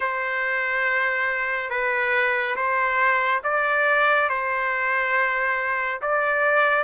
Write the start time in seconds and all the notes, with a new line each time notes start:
0.00 C5
1.69 B4
2.56 C5
3.43 D5
4.29 C5
6.01 D5